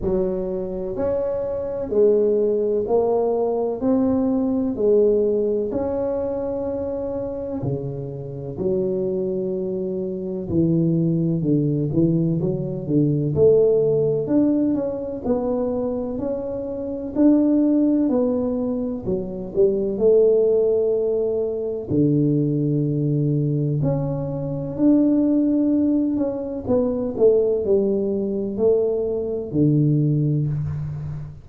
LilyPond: \new Staff \with { instrumentName = "tuba" } { \time 4/4 \tempo 4 = 63 fis4 cis'4 gis4 ais4 | c'4 gis4 cis'2 | cis4 fis2 e4 | d8 e8 fis8 d8 a4 d'8 cis'8 |
b4 cis'4 d'4 b4 | fis8 g8 a2 d4~ | d4 cis'4 d'4. cis'8 | b8 a8 g4 a4 d4 | }